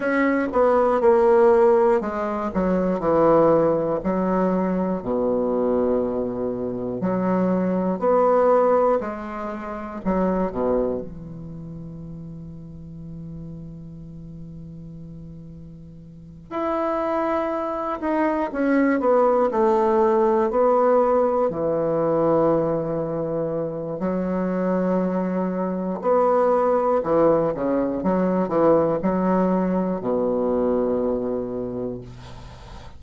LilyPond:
\new Staff \with { instrumentName = "bassoon" } { \time 4/4 \tempo 4 = 60 cis'8 b8 ais4 gis8 fis8 e4 | fis4 b,2 fis4 | b4 gis4 fis8 b,8 e4~ | e1~ |
e8 e'4. dis'8 cis'8 b8 a8~ | a8 b4 e2~ e8 | fis2 b4 e8 cis8 | fis8 e8 fis4 b,2 | }